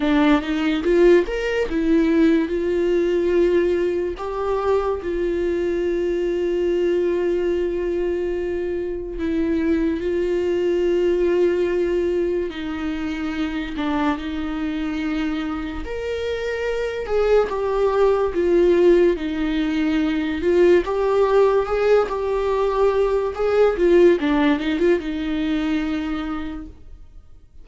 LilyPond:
\new Staff \with { instrumentName = "viola" } { \time 4/4 \tempo 4 = 72 d'8 dis'8 f'8 ais'8 e'4 f'4~ | f'4 g'4 f'2~ | f'2. e'4 | f'2. dis'4~ |
dis'8 d'8 dis'2 ais'4~ | ais'8 gis'8 g'4 f'4 dis'4~ | dis'8 f'8 g'4 gis'8 g'4. | gis'8 f'8 d'8 dis'16 f'16 dis'2 | }